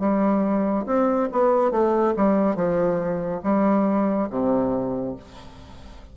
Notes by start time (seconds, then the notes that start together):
0.00 G3
0.86 C4
1.32 B3
1.71 A3
2.17 G3
2.56 F3
3.43 G3
4.30 C3